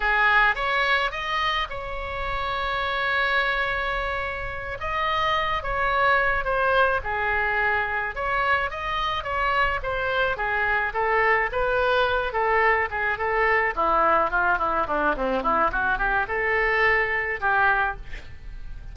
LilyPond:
\new Staff \with { instrumentName = "oboe" } { \time 4/4 \tempo 4 = 107 gis'4 cis''4 dis''4 cis''4~ | cis''1~ | cis''8 dis''4. cis''4. c''8~ | c''8 gis'2 cis''4 dis''8~ |
dis''8 cis''4 c''4 gis'4 a'8~ | a'8 b'4. a'4 gis'8 a'8~ | a'8 e'4 f'8 e'8 d'8 c'8 e'8 | fis'8 g'8 a'2 g'4 | }